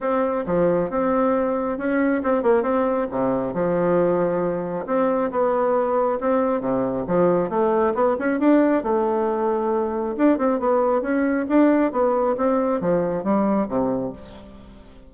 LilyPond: \new Staff \with { instrumentName = "bassoon" } { \time 4/4 \tempo 4 = 136 c'4 f4 c'2 | cis'4 c'8 ais8 c'4 c4 | f2. c'4 | b2 c'4 c4 |
f4 a4 b8 cis'8 d'4 | a2. d'8 c'8 | b4 cis'4 d'4 b4 | c'4 f4 g4 c4 | }